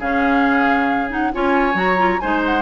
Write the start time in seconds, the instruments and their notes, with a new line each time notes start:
0.00 bassoon C#3, clarinet C#4, oboe G#4, flute F5
1.10 clarinet D#4, flute F#5
1.34 bassoon C#4, clarinet F4, oboe C#5, flute G#5
1.74 bassoon F#3, clarinet F#4, flute A#5
1.98 clarinet F4
2.20 bassoon G#3, clarinet D#4, oboe C5, flute G#5
2.46 flute F#5